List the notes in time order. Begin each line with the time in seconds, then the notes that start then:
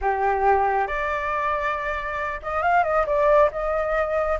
0.01 G4
0.87 D5
2.42 D#5
2.62 F5
2.83 D#5
3.06 D5
3.51 D#5